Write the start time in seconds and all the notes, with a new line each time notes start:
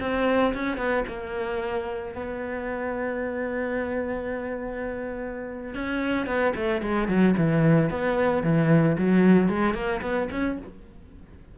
0.00 C4
0.54 C#4
0.77 B3
1.07 A#3
2.15 B3
5.74 C#4
6.26 B3
6.55 A3
6.82 G#3
7.08 F#3
7.37 E3
7.90 B3
8.43 E3
8.98 F#3
9.48 G#3
9.74 A#3
10.02 B3
10.31 C#4